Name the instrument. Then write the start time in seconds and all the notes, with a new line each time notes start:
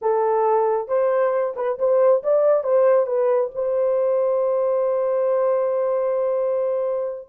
horn
0.01 A4
0.87 C5
1.56 B4
1.78 C5
2.23 D5
2.63 C5
3.06 B4
3.55 C5